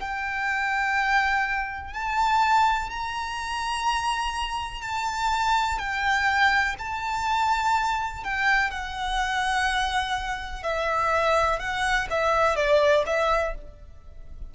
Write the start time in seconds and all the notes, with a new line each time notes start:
0.00 G5
1.94 A5
2.90 A#5
4.82 A5
5.79 G5
6.79 A5
8.24 G5
8.71 F#5
10.63 E5
11.60 F#5
12.10 E5
12.56 D5
13.06 E5